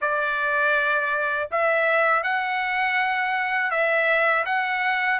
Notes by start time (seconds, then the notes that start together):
0.01 D5
1.51 E5
2.23 F#5
3.70 E5
4.45 F#5